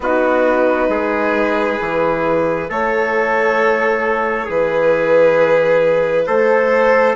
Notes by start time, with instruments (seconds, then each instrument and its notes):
0.00 bassoon B3, horn D#4, trumpet F#4, violin B4
0.88 bassoon G#3, trumpet G#4
1.80 bassoon E3, horn E4
2.69 bassoon A3, trumpet A4, violin C#5
4.45 bassoon E3, trumpet G#4, violin B4
6.26 bassoon A3, trumpet A4, violin C5